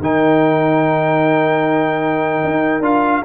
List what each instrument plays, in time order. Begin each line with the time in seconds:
0.00 tuba D#3, trombone D#4, horn A#4, trumpet G5
2.44 tuba D#4
2.81 tuba D4, trombone F4, trumpet F5